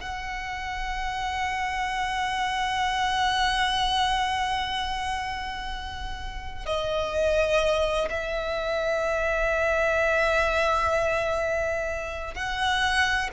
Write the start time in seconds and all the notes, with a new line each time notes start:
0.00 F#5
6.66 D#5
8.10 E5
12.35 F#5